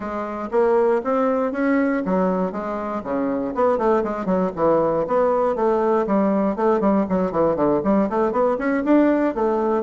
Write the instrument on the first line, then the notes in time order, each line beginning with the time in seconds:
bassoon
0.00 G#3
0.51 A#3
1.04 C4
1.52 C#4
2.05 F#3
2.52 G#3
3.03 C#3
3.54 B3
3.77 A3
4.03 G#3
4.25 F#3
4.55 E3
5.07 B3
5.55 A3
6.06 G3
6.55 A3
6.80 G3
7.09 F#3
7.31 E3
7.56 D3
7.84 G3
8.09 A3
8.32 B3
8.58 C#4
8.84 D4
9.35 A3